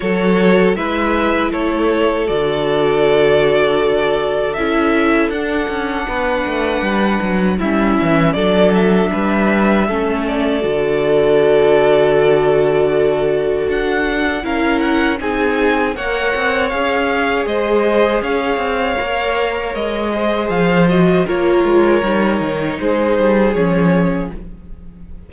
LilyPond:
<<
  \new Staff \with { instrumentName = "violin" } { \time 4/4 \tempo 4 = 79 cis''4 e''4 cis''4 d''4~ | d''2 e''4 fis''4~ | fis''2 e''4 d''8 e''8~ | e''4. d''2~ d''8~ |
d''2 fis''4 f''8 fis''8 | gis''4 fis''4 f''4 dis''4 | f''2 dis''4 f''8 dis''8 | cis''2 c''4 cis''4 | }
  \new Staff \with { instrumentName = "violin" } { \time 4/4 a'4 b'4 a'2~ | a'1 | b'2 e'4 a'4 | b'4 a'2.~ |
a'2. ais'4 | gis'4 cis''2 c''4 | cis''2~ cis''8 c''4. | ais'2 gis'2 | }
  \new Staff \with { instrumentName = "viola" } { \time 4/4 fis'4 e'2 fis'4~ | fis'2 e'4 d'4~ | d'2 cis'4 d'4~ | d'4 cis'4 fis'2~ |
fis'2. e'4 | dis'4 ais'4 gis'2~ | gis'4 ais'4. gis'4 fis'8 | f'4 dis'2 cis'4 | }
  \new Staff \with { instrumentName = "cello" } { \time 4/4 fis4 gis4 a4 d4~ | d2 cis'4 d'8 cis'8 | b8 a8 g8 fis8 g8 e8 fis4 | g4 a4 d2~ |
d2 d'4 cis'4 | c'4 ais8 c'8 cis'4 gis4 | cis'8 c'8 ais4 gis4 f4 | ais8 gis8 g8 dis8 gis8 g8 f4 | }
>>